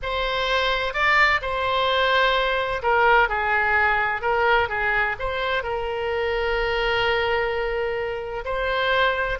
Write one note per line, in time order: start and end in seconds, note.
0.02 0.93 C5
0.93 1.40 D5
1.41 2.82 C5
2.82 3.28 A#4
3.28 4.21 G#4
4.21 4.68 A#4
4.69 5.15 G#4
5.19 5.63 C5
5.63 8.44 A#4
8.45 9.38 C5